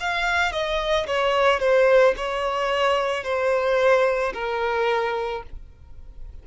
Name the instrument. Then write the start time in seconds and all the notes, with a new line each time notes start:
violin
0.00 F5
0.52 D#5
1.07 C#5
1.59 C5
2.17 C#5
3.23 C5
4.33 A#4